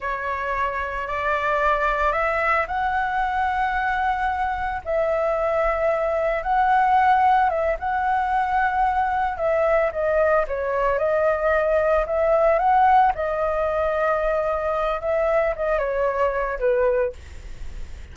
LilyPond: \new Staff \with { instrumentName = "flute" } { \time 4/4 \tempo 4 = 112 cis''2 d''2 | e''4 fis''2.~ | fis''4 e''2. | fis''2 e''8 fis''4.~ |
fis''4. e''4 dis''4 cis''8~ | cis''8 dis''2 e''4 fis''8~ | fis''8 dis''2.~ dis''8 | e''4 dis''8 cis''4. b'4 | }